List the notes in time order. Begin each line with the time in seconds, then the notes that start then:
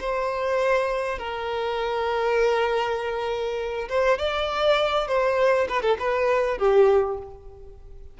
0.00 C5
1.18 A#4
3.89 C5
4.18 D5
5.08 C5
5.69 B4
5.82 A4
5.99 B4
6.58 G4